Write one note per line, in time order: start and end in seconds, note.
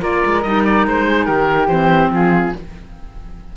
0.00 0.23 A#3
0.00 0.42 F4
0.00 1.06 A#4
0.00 0.42 D5
0.25 0.45 G#3
0.42 0.86 G3
0.42 1.69 D#4
0.42 0.62 D#5
0.65 0.86 D5
0.86 1.28 G#3
0.86 1.25 C5
1.08 1.26 G#4
1.25 1.67 D#3
1.25 2.10 G4
1.25 1.67 A#4
1.67 2.09 E3
1.67 2.53 C4
1.67 2.10 C5
2.10 2.51 F3
2.10 2.55 F4
2.10 2.56 G#4